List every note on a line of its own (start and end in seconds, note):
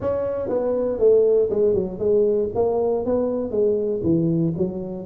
0.00 0.49 C#4
0.49 0.99 B3
0.99 1.49 A3
1.50 1.73 G#3
1.73 1.98 F#3
1.98 2.49 G#3
2.54 3.05 A#3
3.05 3.50 B3
3.50 4.01 G#3
4.03 4.53 E3
4.57 5.05 F#3